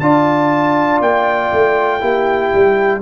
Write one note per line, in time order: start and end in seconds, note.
0.00 1.01 D4
0.00 2.01 F4
0.00 2.01 D5
0.00 1.00 A5
1.01 1.51 A#3
1.01 3.02 G5
1.52 2.02 A3
2.01 2.52 A#3
2.01 3.01 E4
2.01 3.01 G4
2.54 3.02 G3